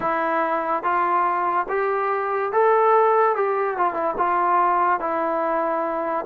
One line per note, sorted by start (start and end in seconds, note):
0.00 0.83 E4
0.83 1.66 F4
1.69 2.52 G4
2.52 3.35 A4
3.35 3.77 G4
3.77 3.93 F4
3.93 4.14 E4
4.17 5.00 F4
5.00 6.25 E4